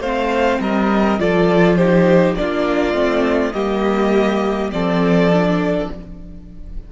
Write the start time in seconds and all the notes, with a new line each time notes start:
0.00 A3 C4 C5 F5
0.60 G3 A#4 D#5
1.19 F3 F4 A4 D5
1.76 D#4 G4 C5
2.36 A#3 D4 F4 D5
2.93 A3 C4
3.53 G3 A#3 G4 D#5
4.71 F3 C4 A4 D5
5.33 D4